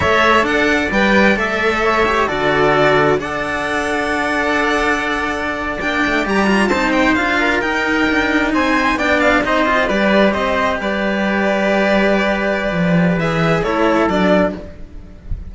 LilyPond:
<<
  \new Staff \with { instrumentName = "violin" } { \time 4/4 \tempo 4 = 132 e''4 fis''4 g''4 e''4~ | e''4 d''2 fis''4~ | fis''1~ | fis''8. g''4 ais''4 a''8 g''8 f''16~ |
f''8. g''2 gis''4 g''16~ | g''16 f''8 dis''4 d''4 dis''4 d''16~ | d''1~ | d''4 e''4 cis''4 d''4 | }
  \new Staff \with { instrumentName = "trumpet" } { \time 4/4 cis''4 d''2. | cis''4 a'2 d''4~ | d''1~ | d''2~ d''8. c''4~ c''16~ |
c''16 ais'2~ ais'8 c''4 d''16~ | d''8. c''4 b'4 c''4 b'16~ | b'1~ | b'2 a'2 | }
  \new Staff \with { instrumentName = "cello" } { \time 4/4 a'2 b'4 a'4~ | a'8 g'8 fis'2 a'4~ | a'1~ | a'8. d'4 g'8 f'8 dis'4 f'16~ |
f'8. dis'2. d'16~ | d'8. dis'8 f'8 g'2~ g'16~ | g'1~ | g'4 gis'4 e'4 d'4 | }
  \new Staff \with { instrumentName = "cello" } { \time 4/4 a4 d'4 g4 a4~ | a4 d2 d'4~ | d'1~ | d'8. ais8 a8 g4 c'4 d'16~ |
d'8. dis'4 d'4 c'4 b16~ | b8. c'4 g4 c'4 g16~ | g1 | f4 e4 a4 fis4 | }
>>